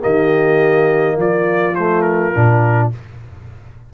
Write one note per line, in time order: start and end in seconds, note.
0.00 1.16 D#3
0.00 1.73 A#3
0.00 1.16 G4
0.00 1.18 D#5
1.16 2.32 F3
1.16 2.93 F4
1.16 1.75 D5
1.75 2.34 A3
1.75 2.01 C5
2.01 2.88 A#4
2.34 2.93 A#2
2.34 2.92 D4